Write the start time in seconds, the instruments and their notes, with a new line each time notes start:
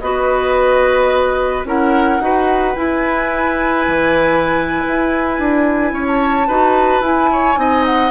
0.00 bassoon B3, clarinet F#4, oboe B4, flute D#5
1.65 bassoon C#4, clarinet E4, oboe A#4, flute F#5
2.20 bassoon D#4, clarinet F#4, oboe B4
2.75 clarinet E4, bassoon E4, flute G#5
3.87 bassoon E3
4.87 bassoon E4
5.39 bassoon D4
5.92 bassoon C#4, oboe C#5
6.07 flute A5
6.47 bassoon D#4, clarinet F#4, oboe B4
7.01 bassoon E4, clarinet E4, flute G#5
7.32 oboe C#5
7.55 bassoon C4, clarinet D#4, oboe D#5
7.85 flute F#5